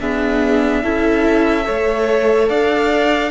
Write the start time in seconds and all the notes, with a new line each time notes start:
0.00 B3 D4 G#4 E5
0.84 C#4 E4 A4
1.64 A3 A4 C#5
2.49 D4 D5 F5